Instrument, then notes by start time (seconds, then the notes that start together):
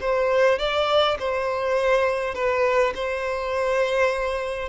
violin
0.00 C5
0.58 D5
1.19 C5
2.34 B4
2.94 C5